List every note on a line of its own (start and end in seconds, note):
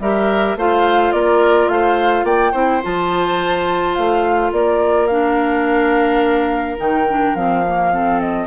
0.00 0.56 G3
0.00 0.58 G4
0.00 0.58 A#4
0.00 0.57 E5
0.56 1.13 A3
0.56 2.54 F4
0.56 1.15 C5
0.56 1.12 F5
1.12 1.68 A#3
1.12 1.72 A#4
1.12 1.69 D5
1.68 2.24 A3
1.68 2.25 C5
1.68 2.25 F5
2.24 2.52 A#3
2.24 2.52 D5
2.24 2.82 G5
2.52 2.82 C4
2.52 2.82 E4
2.52 4.50 C5
2.82 3.98 F3
2.82 5.09 F4
2.82 3.95 A5
3.95 4.52 A3
3.95 4.51 F5
4.52 6.79 A#3
4.52 7.93 A#4
4.52 5.07 D5
5.07 6.78 D4
5.07 6.77 F5
6.78 7.35 D#3
6.78 7.06 D#4
6.78 7.36 G5
7.10 7.36 D4
7.35 8.47 F3
7.35 7.64 C4
7.35 8.21 F5
7.67 7.92 A#3
7.92 8.47 C4
7.92 8.47 A4
8.21 8.47 D#5